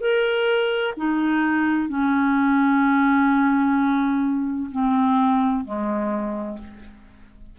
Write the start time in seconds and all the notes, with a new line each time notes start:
0.00 A#4
0.97 D#4
1.88 C#4
4.71 C4
5.64 G#3